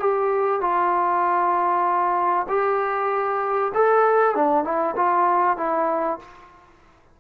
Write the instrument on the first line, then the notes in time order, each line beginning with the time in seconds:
trombone
0.00 G4
0.61 F4
2.49 G4
3.75 A4
4.36 D4
4.64 E4
4.97 F4
5.57 E4